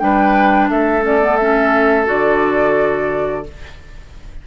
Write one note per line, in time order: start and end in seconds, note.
0.00 0.70 G3
0.00 1.03 D4
0.00 0.70 B4
0.00 0.69 G5
0.70 2.09 A3
0.70 3.46 A4
0.70 1.04 E5
1.03 1.20 C#4
1.03 1.37 D5
1.22 1.39 B3
1.37 2.06 C#4
1.37 2.06 E5
2.06 3.47 D3
2.06 3.44 F#4
2.06 3.47 D5